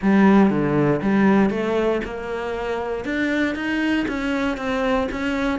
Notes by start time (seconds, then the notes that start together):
0.02 G3
0.50 D3
1.02 G3
1.50 A3
2.04 A#3
3.05 D4
3.55 D#4
4.07 C#4
4.57 C4
5.11 C#4